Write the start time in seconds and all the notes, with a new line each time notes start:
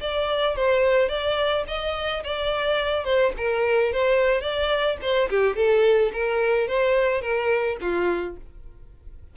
0.00 D5
0.56 C5
1.09 D5
1.67 D#5
2.23 D5
3.04 C5
3.37 A#4
3.92 C5
4.41 D5
5.01 C5
5.29 G4
5.56 A4
6.13 A#4
6.67 C5
7.21 A#4
7.80 F4